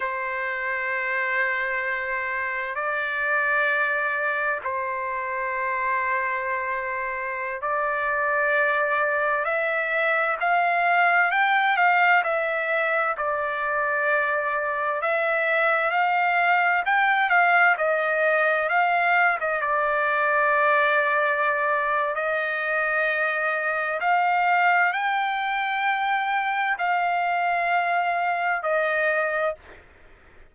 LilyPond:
\new Staff \with { instrumentName = "trumpet" } { \time 4/4 \tempo 4 = 65 c''2. d''4~ | d''4 c''2.~ | c''16 d''2 e''4 f''8.~ | f''16 g''8 f''8 e''4 d''4.~ d''16~ |
d''16 e''4 f''4 g''8 f''8 dis''8.~ | dis''16 f''8. dis''16 d''2~ d''8. | dis''2 f''4 g''4~ | g''4 f''2 dis''4 | }